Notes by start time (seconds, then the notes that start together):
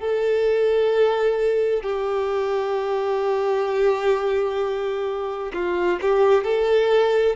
0.00 A4
1.83 G4
5.53 F4
6.02 G4
6.44 A4